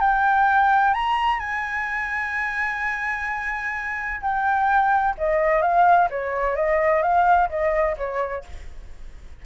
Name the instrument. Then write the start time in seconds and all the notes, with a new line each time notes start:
flute
0.00 G5
0.94 A#5
1.40 G#5
4.21 G5
5.18 D#5
5.62 F5
6.10 C#5
6.56 D#5
7.02 F5
7.49 D#5
7.97 C#5